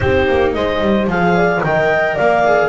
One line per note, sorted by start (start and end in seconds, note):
0.00 0.28 C4
0.00 1.08 D#4
0.00 0.55 G4
0.00 0.51 C5
0.28 0.54 A#3
0.53 0.80 G#3
0.53 1.35 C5
0.53 1.07 D#5
0.80 1.07 G3
1.07 1.61 F3
1.07 1.62 G#4
1.07 1.63 F5
1.35 1.62 D5
1.63 2.17 D#3
1.63 2.44 A#4
1.63 2.14 D#5
1.63 2.17 G5
2.14 2.68 A#3
2.14 2.68 D5
2.14 2.68 F5
2.44 2.68 G#4